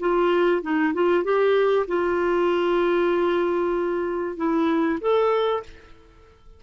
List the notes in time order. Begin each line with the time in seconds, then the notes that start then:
0.00 F4
0.62 D#4
0.94 F4
1.24 G4
1.88 F4
4.37 E4
5.01 A4